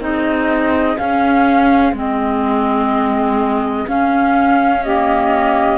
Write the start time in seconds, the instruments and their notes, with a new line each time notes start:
0.00 cello C4, clarinet D#4, saxophone G#4, flute D#5
0.98 clarinet C#4, cello C#4, flute F5
1.92 cello G#3, clarinet C4
1.98 flute D#5
3.87 cello C#4, clarinet C#4, flute F5
4.83 clarinet A#3, saxophone G4, flute D#5